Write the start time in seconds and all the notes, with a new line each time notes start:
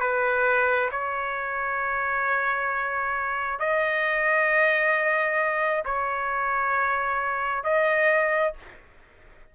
0.00 B4
0.92 C#5
3.59 D#5
5.85 C#5
7.64 D#5